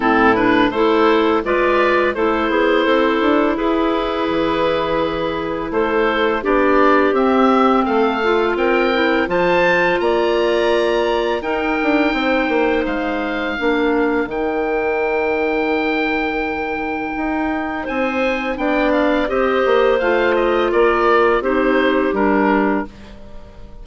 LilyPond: <<
  \new Staff \with { instrumentName = "oboe" } { \time 4/4 \tempo 4 = 84 a'8 b'8 c''4 d''4 c''4~ | c''4 b'2. | c''4 d''4 e''4 f''4 | g''4 a''4 ais''2 |
g''2 f''2 | g''1~ | g''4 gis''4 g''8 f''8 dis''4 | f''8 dis''8 d''4 c''4 ais'4 | }
  \new Staff \with { instrumentName = "clarinet" } { \time 4/4 e'4 a'4 b'4 a'8 gis'8 | a'4 gis'2. | a'4 g'2 a'4 | ais'4 c''4 d''2 |
ais'4 c''2 ais'4~ | ais'1~ | ais'4 c''4 d''4 c''4~ | c''4 ais'4 g'2 | }
  \new Staff \with { instrumentName = "clarinet" } { \time 4/4 c'8 d'8 e'4 f'4 e'4~ | e'1~ | e'4 d'4 c'4. f'8~ | f'8 e'8 f'2. |
dis'2. d'4 | dis'1~ | dis'2 d'4 g'4 | f'2 dis'4 d'4 | }
  \new Staff \with { instrumentName = "bassoon" } { \time 4/4 a,4 a4 gis4 a8 b8 | c'8 d'8 e'4 e2 | a4 b4 c'4 a4 | c'4 f4 ais2 |
dis'8 d'8 c'8 ais8 gis4 ais4 | dis1 | dis'4 c'4 b4 c'8 ais8 | a4 ais4 c'4 g4 | }
>>